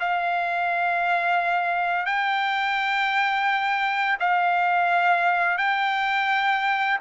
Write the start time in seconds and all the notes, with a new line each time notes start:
0.00 F5
2.06 G5
4.20 F5
5.58 G5